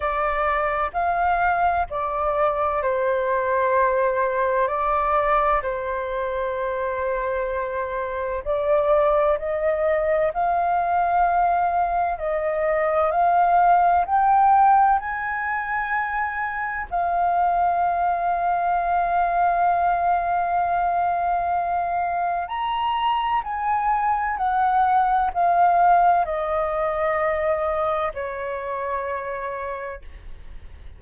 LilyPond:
\new Staff \with { instrumentName = "flute" } { \time 4/4 \tempo 4 = 64 d''4 f''4 d''4 c''4~ | c''4 d''4 c''2~ | c''4 d''4 dis''4 f''4~ | f''4 dis''4 f''4 g''4 |
gis''2 f''2~ | f''1 | ais''4 gis''4 fis''4 f''4 | dis''2 cis''2 | }